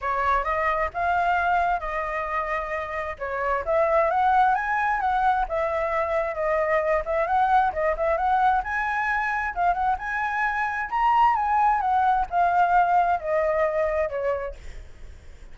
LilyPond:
\new Staff \with { instrumentName = "flute" } { \time 4/4 \tempo 4 = 132 cis''4 dis''4 f''2 | dis''2. cis''4 | e''4 fis''4 gis''4 fis''4 | e''2 dis''4. e''8 |
fis''4 dis''8 e''8 fis''4 gis''4~ | gis''4 f''8 fis''8 gis''2 | ais''4 gis''4 fis''4 f''4~ | f''4 dis''2 cis''4 | }